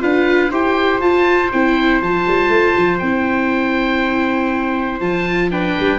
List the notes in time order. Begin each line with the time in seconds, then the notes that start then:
0.00 D4 F4 B4 F5
0.51 E4 G4 C5 G5
1.01 F4 A5
1.52 C4 E4 G5
2.02 F3 F4 A5
2.28 G3
2.49 A3
2.77 F3
2.99 C4 E4 G5
5.01 F3 F4 A5
5.51 D4 B4 G5
5.79 G3